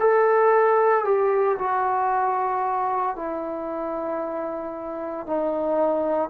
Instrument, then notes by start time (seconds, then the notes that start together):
trombone
0.00 A4
1.05 G4
1.59 F#4
3.16 E4
5.26 D#4